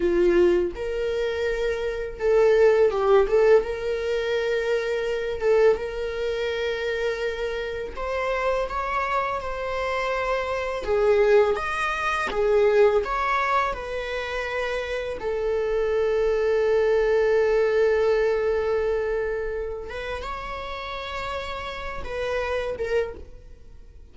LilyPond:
\new Staff \with { instrumentName = "viola" } { \time 4/4 \tempo 4 = 83 f'4 ais'2 a'4 | g'8 a'8 ais'2~ ais'8 a'8 | ais'2. c''4 | cis''4 c''2 gis'4 |
dis''4 gis'4 cis''4 b'4~ | b'4 a'2.~ | a'2.~ a'8 b'8 | cis''2~ cis''8 b'4 ais'8 | }